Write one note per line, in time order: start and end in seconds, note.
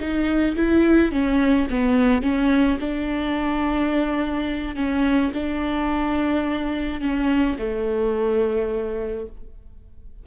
0.00 0.56 D#4
0.56 1.12 E4
1.12 1.68 C#4
1.71 2.22 B3
2.22 2.78 C#4
2.80 4.76 D4
4.76 5.32 C#4
5.34 7.01 D4
7.01 7.57 C#4
7.59 9.27 A3